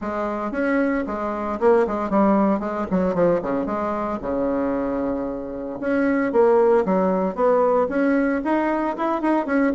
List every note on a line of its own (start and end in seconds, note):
0.01 0.51 G#3
0.51 1.04 C#4
1.06 1.59 G#3
1.60 1.86 A#3
1.87 2.10 G#3
2.10 2.59 G3
2.59 2.86 G#3
2.90 3.14 F#3
3.14 3.40 F3
3.42 3.66 C#3
3.66 4.18 G#3
4.21 5.79 C#3
5.80 6.32 C#4
6.32 6.84 A#3
6.85 7.35 F#3
7.35 7.87 B3
7.88 8.41 C#4
8.44 8.96 D#4
8.97 9.21 E4
9.21 9.45 D#4
9.45 9.72 C#4